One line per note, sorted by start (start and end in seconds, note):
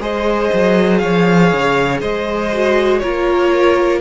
0.00 0.50 G#3
0.00 2.51 G#4
0.00 1.01 C5
0.00 0.98 D#5
0.54 1.04 F#3
0.98 1.54 F3
0.98 2.01 C#5
0.98 1.98 F5
1.54 2.02 C#3
2.01 3.02 G#3
2.01 3.01 C5
2.01 3.00 D#5
2.53 3.03 F#4
3.00 4.01 A#3
3.00 4.01 F4
3.00 4.01 A#4
3.00 4.00 C#5